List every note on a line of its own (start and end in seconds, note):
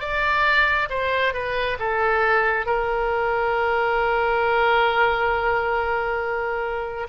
0.00 0.88 D5
0.89 1.33 C5
1.33 1.77 B4
1.79 2.66 A4
2.66 7.07 A#4